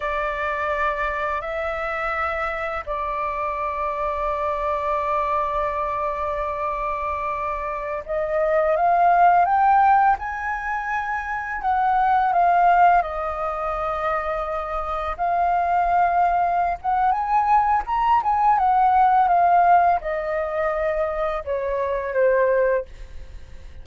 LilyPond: \new Staff \with { instrumentName = "flute" } { \time 4/4 \tempo 4 = 84 d''2 e''2 | d''1~ | d''2.~ d''16 dis''8.~ | dis''16 f''4 g''4 gis''4.~ gis''16~ |
gis''16 fis''4 f''4 dis''4.~ dis''16~ | dis''4~ dis''16 f''2~ f''16 fis''8 | gis''4 ais''8 gis''8 fis''4 f''4 | dis''2 cis''4 c''4 | }